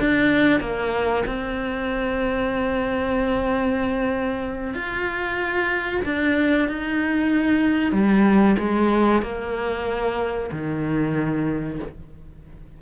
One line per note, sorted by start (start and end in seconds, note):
0.00 0.60 D4
0.60 1.24 A#3
1.26 4.74 C4
4.74 6.02 F4
6.05 6.68 D4
6.68 7.92 D#4
7.92 8.56 G3
8.58 9.22 G#3
9.22 10.50 A#3
10.51 11.79 D#3